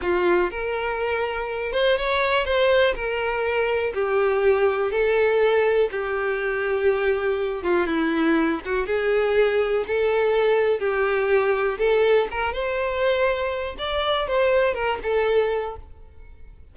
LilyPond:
\new Staff \with { instrumentName = "violin" } { \time 4/4 \tempo 4 = 122 f'4 ais'2~ ais'8 c''8 | cis''4 c''4 ais'2 | g'2 a'2 | g'2.~ g'8 f'8 |
e'4. fis'8 gis'2 | a'2 g'2 | a'4 ais'8 c''2~ c''8 | d''4 c''4 ais'8 a'4. | }